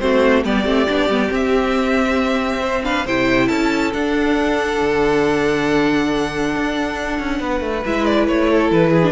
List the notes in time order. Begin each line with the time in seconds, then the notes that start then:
0.00 A3 C4 F#4 C5
0.44 G3 B3 G4 D5
0.64 A3 C4
0.89 B3 D4
1.09 G3 B3
1.28 C4
1.35 E5
2.60 C5
2.84 D4 B4 F5
3.06 C3 E4 C5 G5
3.48 C#4 A4 A5
3.93 D4 F#5
4.82 D3
6.56 D4
7.20 C#4
7.40 B3 B4
7.61 A3
7.86 G#3 E4 E5
8.05 D5
8.28 A3 C#5
8.51 A4
8.71 E3 B4
8.90 G#4
9.03 D4